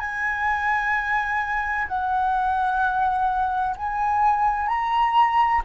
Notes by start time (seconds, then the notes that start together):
0.00 G#5
1.88 F#5
3.77 G#5
4.68 A#5